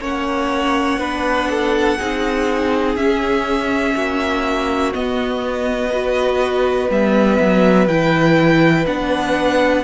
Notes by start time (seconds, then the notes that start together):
0.00 A#3 C#4 C#5 F#5
0.98 B3 D4 B4
1.50 A4
1.98 C4 D#4 G#4
2.96 C#4 E5
3.95 A#3 F#4
4.93 B3 D#5
5.90 F#4 B4
6.89 G3 B3 E5
7.40 F#3
7.87 E3 E4 G5
8.86 B3 D4 F#5